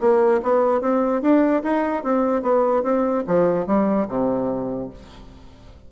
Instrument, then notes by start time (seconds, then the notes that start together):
bassoon
0.00 A#3
0.42 B3
0.81 C4
1.22 D4
1.63 D#4
2.03 C4
2.42 B3
2.83 C4
3.27 F3
3.66 G3
4.08 C3